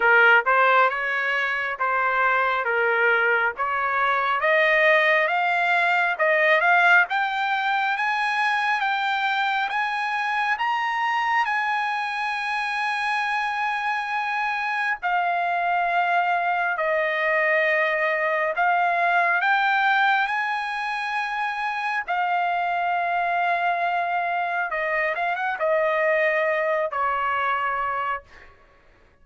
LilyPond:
\new Staff \with { instrumentName = "trumpet" } { \time 4/4 \tempo 4 = 68 ais'8 c''8 cis''4 c''4 ais'4 | cis''4 dis''4 f''4 dis''8 f''8 | g''4 gis''4 g''4 gis''4 | ais''4 gis''2.~ |
gis''4 f''2 dis''4~ | dis''4 f''4 g''4 gis''4~ | gis''4 f''2. | dis''8 f''16 fis''16 dis''4. cis''4. | }